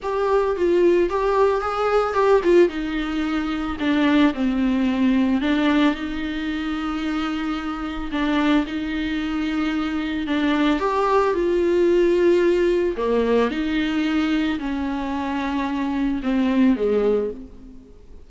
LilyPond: \new Staff \with { instrumentName = "viola" } { \time 4/4 \tempo 4 = 111 g'4 f'4 g'4 gis'4 | g'8 f'8 dis'2 d'4 | c'2 d'4 dis'4~ | dis'2. d'4 |
dis'2. d'4 | g'4 f'2. | ais4 dis'2 cis'4~ | cis'2 c'4 gis4 | }